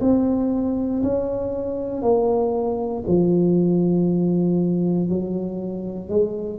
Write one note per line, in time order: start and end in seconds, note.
0.00 1.02 C4
1.03 2.02 C#4
2.02 3.03 A#3
3.07 5.08 F3
5.08 6.09 F#3
6.09 6.59 G#3